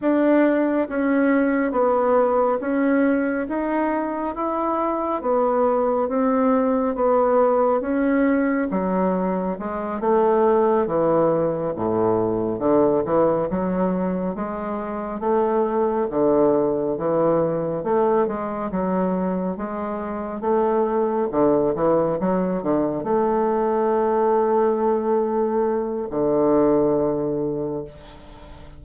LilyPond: \new Staff \with { instrumentName = "bassoon" } { \time 4/4 \tempo 4 = 69 d'4 cis'4 b4 cis'4 | dis'4 e'4 b4 c'4 | b4 cis'4 fis4 gis8 a8~ | a8 e4 a,4 d8 e8 fis8~ |
fis8 gis4 a4 d4 e8~ | e8 a8 gis8 fis4 gis4 a8~ | a8 d8 e8 fis8 d8 a4.~ | a2 d2 | }